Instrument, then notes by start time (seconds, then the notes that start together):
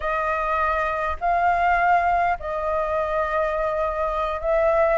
flute
0.00 D#5
1.20 F5
2.39 D#5
4.41 E5